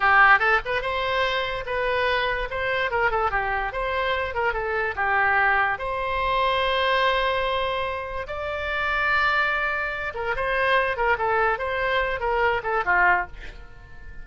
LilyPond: \new Staff \with { instrumentName = "oboe" } { \time 4/4 \tempo 4 = 145 g'4 a'8 b'8 c''2 | b'2 c''4 ais'8 a'8 | g'4 c''4. ais'8 a'4 | g'2 c''2~ |
c''1 | d''1~ | d''8 ais'8 c''4. ais'8 a'4 | c''4. ais'4 a'8 f'4 | }